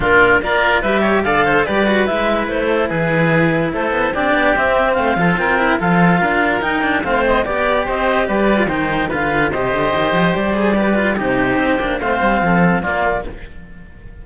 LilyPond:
<<
  \new Staff \with { instrumentName = "clarinet" } { \time 4/4 \tempo 4 = 145 ais'4 d''4 e''4 f''4 | d''4 e''4 c''4 b'4~ | b'4 c''4 d''4 e''4 | f''4 g''4 f''2 |
g''4 f''8 dis''8 d''4 dis''4 | d''4 g''4 f''4 dis''4~ | dis''4 d''2 c''4~ | c''4 f''2 d''4 | }
  \new Staff \with { instrumentName = "oboe" } { \time 4/4 f'4 ais'4 b'8 cis''8 d''8 c''8 | b'2~ b'8 a'8 gis'4~ | gis'4 a'4 g'2 | c''8 a'8 ais'4 a'4 ais'4~ |
ais'4 c''4 d''4 c''4 | b'4 c''4 b'4 c''4~ | c''2 b'4 g'4~ | g'4 c''4 a'4 f'4 | }
  \new Staff \with { instrumentName = "cello" } { \time 4/4 d'4 f'4 g'4 a'4 | g'8 fis'8 e'2.~ | e'2 d'4 c'4~ | c'8 f'4 e'8 f'2 |
dis'8 d'8 c'4 g'2~ | g'8. f'16 dis'4 f'4 g'4~ | g'4. gis'8 g'8 f'8 dis'4~ | dis'8 d'8 c'2 ais4 | }
  \new Staff \with { instrumentName = "cello" } { \time 4/4 ais,4 ais4 g4 d4 | g4 gis4 a4 e4~ | e4 a8 b8 c'8 b8 c'4 | a8 f8 c'4 f4 d'4 |
dis'4 a4 b4 c'4 | g4 dis4 d4 c8 d8 | dis8 f8 g2 c4 | c'8 ais8 a8 g8 f4 ais4 | }
>>